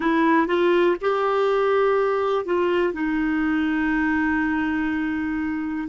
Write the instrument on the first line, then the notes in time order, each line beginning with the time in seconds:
clarinet
0.00 E4
0.47 F4
1.01 G4
2.45 F4
2.93 D#4